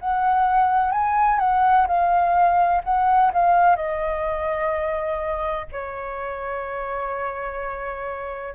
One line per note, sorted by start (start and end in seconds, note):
0.00 0.92 F#5
0.92 1.40 G#5
1.40 1.87 F#5
1.87 2.83 F5
2.84 3.32 F#5
3.34 3.76 F5
3.76 5.67 D#5
5.72 8.55 C#5